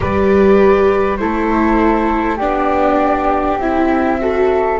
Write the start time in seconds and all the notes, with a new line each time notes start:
0.00 G3 G4 B4 D5
1.16 A3 E4 A4 C5
2.36 B3 D4 G4 D5
3.57 C4 E4 E5
4.20 F#4 A4